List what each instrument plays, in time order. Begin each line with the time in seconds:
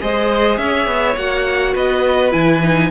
0.00 cello G#3, viola G#4, violin C5 D#5
0.57 cello C#4, violin C#5 E5
0.86 cello B3
1.16 cello A#3, viola F#4, violin F#5
1.73 cello B3, violin B4 D#5
2.31 cello E3, viola E4, violin G#5
2.62 viola D#4